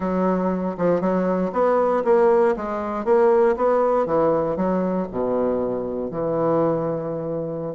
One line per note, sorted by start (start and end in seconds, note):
0.00 0.76 F#3
0.77 1.00 F3
1.00 1.51 F#3
1.52 2.03 B3
2.04 2.55 A#3
2.56 3.04 G#3
3.04 3.55 A#3
3.56 4.05 B3
4.05 4.56 E3
4.56 5.07 F#3
5.11 6.11 B2
6.11 7.75 E3